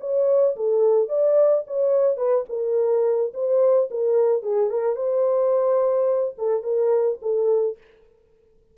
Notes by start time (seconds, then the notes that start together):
0.00 C#5
0.56 A4
1.09 D5
1.67 C#5
2.17 B4
2.49 A#4
3.34 C5
3.90 A#4
4.42 G#4
4.70 A#4
4.96 C5
6.38 A4
6.63 A#4
7.21 A4